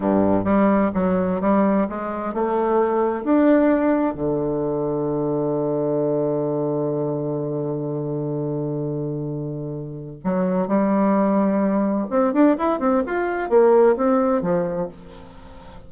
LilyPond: \new Staff \with { instrumentName = "bassoon" } { \time 4/4 \tempo 4 = 129 g,4 g4 fis4 g4 | gis4 a2 d'4~ | d'4 d2.~ | d1~ |
d1~ | d2 fis4 g4~ | g2 c'8 d'8 e'8 c'8 | f'4 ais4 c'4 f4 | }